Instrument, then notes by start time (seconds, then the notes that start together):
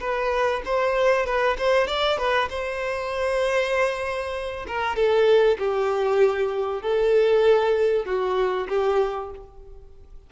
violin
0.00 B4
0.65 C5
1.26 B4
1.58 C5
1.87 D5
2.18 B4
2.49 C5
4.67 A#4
4.96 A4
5.58 G4
6.82 A4
8.06 F#4
8.69 G4